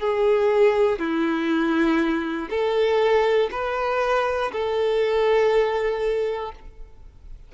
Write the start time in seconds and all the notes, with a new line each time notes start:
0.00 G#4
0.99 E4
2.50 A4
3.52 B4
4.52 A4